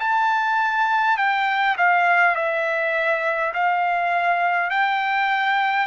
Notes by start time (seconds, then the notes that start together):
0.00 A5
1.18 G5
1.78 F5
2.35 E5
3.54 F5
4.71 G5